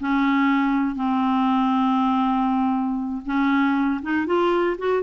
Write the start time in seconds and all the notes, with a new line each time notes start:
0.00 C#4
0.95 C4
3.25 C#4
4.02 D#4
4.26 F4
4.78 F#4